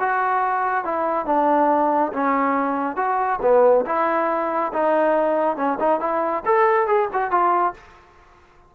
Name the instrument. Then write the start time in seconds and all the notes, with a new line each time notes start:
trombone
0.00 F#4
0.85 E4
1.26 D4
2.13 C#4
2.96 F#4
3.42 B3
3.86 E4
4.73 D#4
5.57 C#4
5.80 D#4
6.00 E4
6.46 A4
6.87 G#4
7.13 F#4
7.31 F4